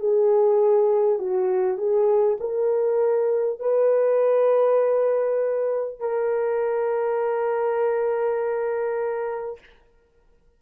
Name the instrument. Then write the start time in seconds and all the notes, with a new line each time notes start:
horn
0.00 G#4
1.19 F#4
1.78 G#4
2.41 A#4
3.60 B4
6.00 A#4